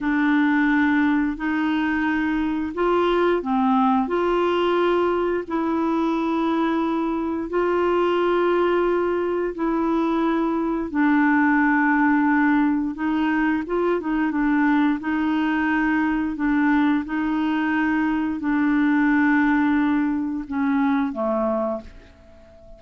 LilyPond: \new Staff \with { instrumentName = "clarinet" } { \time 4/4 \tempo 4 = 88 d'2 dis'2 | f'4 c'4 f'2 | e'2. f'4~ | f'2 e'2 |
d'2. dis'4 | f'8 dis'8 d'4 dis'2 | d'4 dis'2 d'4~ | d'2 cis'4 a4 | }